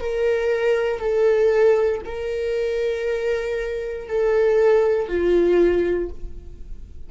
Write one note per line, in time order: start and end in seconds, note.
0.00 0.99 A#4
0.99 2.01 A4
2.05 4.09 A#4
4.09 5.08 A4
5.08 6.10 F4